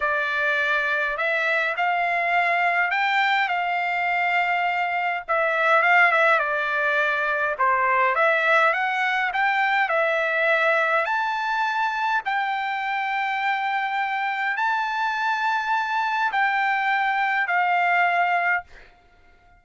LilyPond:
\new Staff \with { instrumentName = "trumpet" } { \time 4/4 \tempo 4 = 103 d''2 e''4 f''4~ | f''4 g''4 f''2~ | f''4 e''4 f''8 e''8 d''4~ | d''4 c''4 e''4 fis''4 |
g''4 e''2 a''4~ | a''4 g''2.~ | g''4 a''2. | g''2 f''2 | }